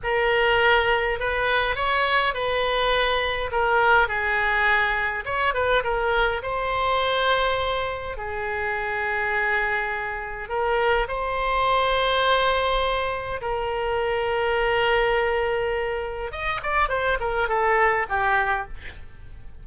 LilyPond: \new Staff \with { instrumentName = "oboe" } { \time 4/4 \tempo 4 = 103 ais'2 b'4 cis''4 | b'2 ais'4 gis'4~ | gis'4 cis''8 b'8 ais'4 c''4~ | c''2 gis'2~ |
gis'2 ais'4 c''4~ | c''2. ais'4~ | ais'1 | dis''8 d''8 c''8 ais'8 a'4 g'4 | }